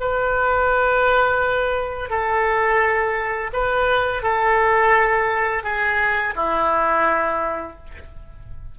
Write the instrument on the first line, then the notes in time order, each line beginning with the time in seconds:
oboe
0.00 B4
2.10 A4
3.53 B4
4.23 A4
5.63 G#4
6.36 E4